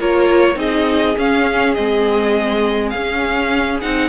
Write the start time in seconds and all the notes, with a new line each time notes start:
0.00 A#3 F4 A#4 C#5
0.56 C4 D#4 G#4 D#5
1.18 C#4 F5
1.75 G#3 C4 D#5
2.90 C#4 F5
3.81 C4 D#4 F#5